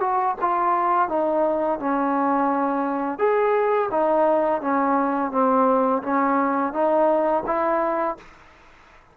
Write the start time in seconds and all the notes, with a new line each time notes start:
0.00 F#4
0.41 F4
1.08 D#4
1.79 C#4
3.19 G#4
3.91 D#4
4.61 C#4
5.31 C4
6.02 C#4
6.73 D#4
7.46 E4